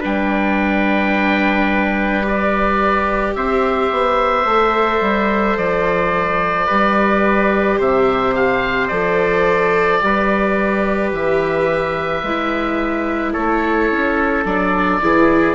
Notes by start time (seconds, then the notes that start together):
0.00 G3 D4 B4 G5
2.22 G4 D5
3.35 C4 C5 E5
3.91 B3
4.44 A3 A4
5.00 G3
5.57 F3 D5
6.66 G3 G4 B4
7.78 C3 C5 E5
8.34 F5
8.87 F3 A4 D5
10.00 G3 G4 B4
11.12 E3 E5
12.23 G#3 E4
13.33 A3 A4 C#5
13.91 C#4
14.45 F#3 D4 D5
15.01 E3 E4 G#4